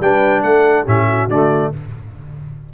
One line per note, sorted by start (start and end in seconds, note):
0.00 0.43 G3
0.00 0.86 D4
0.00 0.43 B4
0.00 0.43 G5
0.43 0.86 A3
0.43 0.84 A4
0.43 0.86 F#5
0.84 1.28 A2
0.84 1.29 C#4
0.84 1.06 G4
0.84 1.30 E5
1.07 1.72 F#4
1.28 1.71 D3
1.28 1.74 A3
1.28 1.73 D5